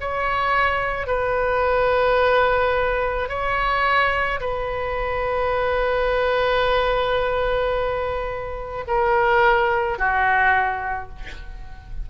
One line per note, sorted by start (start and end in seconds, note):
0.00 1.07 C#5
1.07 3.28 B4
3.28 4.39 C#5
4.40 8.84 B4
8.87 9.98 A#4
9.98 11.09 F#4